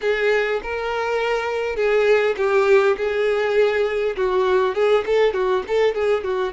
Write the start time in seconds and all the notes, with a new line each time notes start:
0.01 G#4
0.62 A#4
1.76 G#4
2.37 G4
2.97 G#4
4.16 F#4
4.74 G#4
5.06 A4
5.33 F#4
5.67 A4
5.94 G#4
6.23 F#4